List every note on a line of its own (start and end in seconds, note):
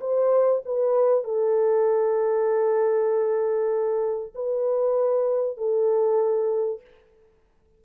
0.00 0.62 C5
0.65 1.24 B4
1.24 4.33 A4
4.35 5.57 B4
5.57 6.80 A4